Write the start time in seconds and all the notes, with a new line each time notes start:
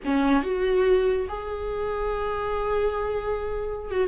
0.04 C#4
0.43 F#4
1.28 G#4
3.90 F#4